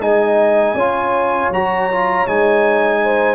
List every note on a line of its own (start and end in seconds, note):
0.00 0.74 G#3
0.00 0.76 D#4
0.00 0.75 D#5
0.00 1.51 G#5
0.74 1.49 C#4
0.74 1.53 F4
0.74 3.00 C#5
1.50 2.25 F#3
1.50 1.90 F#4
1.50 2.27 A#5
1.91 2.27 F4
2.27 3.35 G#3
2.27 3.35 D#4
2.27 3.35 G#5
3.03 3.35 C5